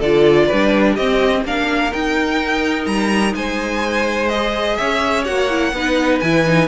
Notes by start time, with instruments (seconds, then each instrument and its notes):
0.00 cello D3, viola F4, violin A4 D5
0.47 viola D4, violin B4
0.53 cello G3
0.94 cello C4, viola C4, violin G4 D#5
1.45 cello A#3, viola D4, violin A#4 F5
1.92 viola D#4, cello D#4, violin G5
2.86 cello G3, violin A#5
3.35 cello G#3, violin C5 G#5
4.29 viola G#4, violin D#5
4.76 cello C#4, violin C#5 E5
5.25 cello A#3, viola F#4, violin F#5
5.50 viola E4
5.73 cello B3, viola D#4, violin B4
6.20 cello E3, viola E4, violin G#5
6.46 viola D#4